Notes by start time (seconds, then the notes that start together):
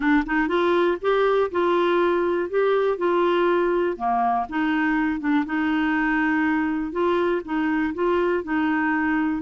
0.00 D4
0.26 D#4
0.48 F4
1.01 G4
1.51 F4
2.49 G4
2.97 F4
3.96 A#3
4.49 D#4
5.20 D4
5.45 D#4
6.92 F4
7.44 D#4
7.94 F4
8.43 D#4